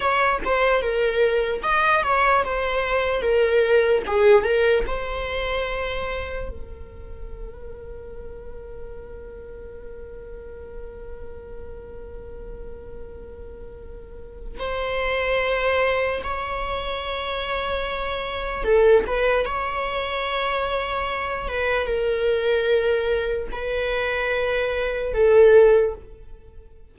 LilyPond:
\new Staff \with { instrumentName = "viola" } { \time 4/4 \tempo 4 = 74 cis''8 c''8 ais'4 dis''8 cis''8 c''4 | ais'4 gis'8 ais'8 c''2 | ais'1~ | ais'1~ |
ais'2 c''2 | cis''2. a'8 b'8 | cis''2~ cis''8 b'8 ais'4~ | ais'4 b'2 a'4 | }